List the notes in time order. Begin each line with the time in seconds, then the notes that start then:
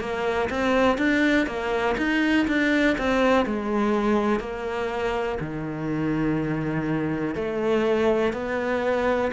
0.00 A#3
0.50 C4
0.98 D4
1.47 A#3
1.98 D#4
2.48 D4
2.98 C4
3.46 G#3
4.40 A#3
5.41 D#3
7.35 A3
8.33 B3